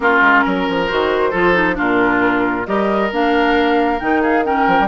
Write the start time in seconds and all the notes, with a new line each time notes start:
0.00 A#3 C#4 F4 A#4
0.21 G#3
0.44 F#3 A#4
0.68 F3
0.87 D#3 F#4 C5
1.30 F3 F4 A4
1.53 D#4
1.74 A#2 D4 F4 A#4
2.66 G3 G4 A#4 D#5
3.11 A#3 D4 F5
3.99 D#3 D#4 G5
4.21 G#4 F5
4.44 C#4 A#4 G5
4.67 F3
4.80 G3